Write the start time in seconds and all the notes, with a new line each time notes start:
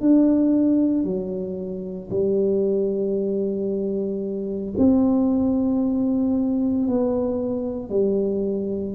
0.00 D4
1.04 F#3
2.10 G3
4.78 C4
6.88 B3
7.89 G3